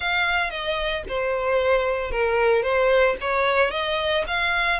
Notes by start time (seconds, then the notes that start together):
0.00 F5
0.50 D#5
1.08 C5
2.11 A#4
2.63 C5
3.21 C#5
3.70 D#5
4.27 F5